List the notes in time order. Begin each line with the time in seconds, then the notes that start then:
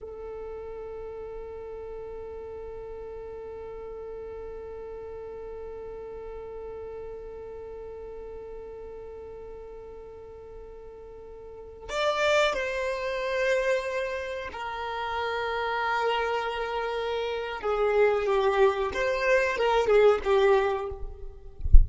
0.01 A4
11.89 D5
12.53 C5
14.52 A#4
17.61 G#4
18.25 G4
18.93 C5
19.57 A#4
19.87 G#4
20.24 G4